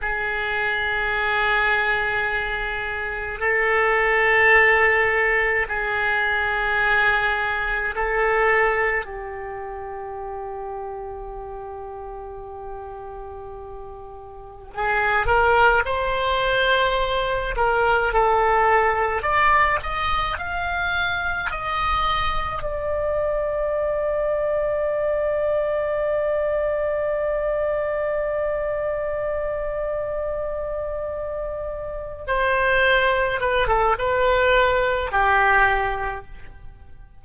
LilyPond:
\new Staff \with { instrumentName = "oboe" } { \time 4/4 \tempo 4 = 53 gis'2. a'4~ | a'4 gis'2 a'4 | g'1~ | g'4 gis'8 ais'8 c''4. ais'8 |
a'4 d''8 dis''8 f''4 dis''4 | d''1~ | d''1~ | d''8 c''4 b'16 a'16 b'4 g'4 | }